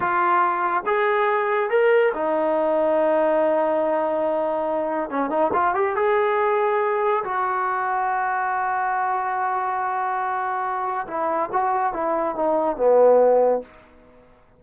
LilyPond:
\new Staff \with { instrumentName = "trombone" } { \time 4/4 \tempo 4 = 141 f'2 gis'2 | ais'4 dis'2.~ | dis'1 | cis'8 dis'8 f'8 g'8 gis'2~ |
gis'4 fis'2.~ | fis'1~ | fis'2 e'4 fis'4 | e'4 dis'4 b2 | }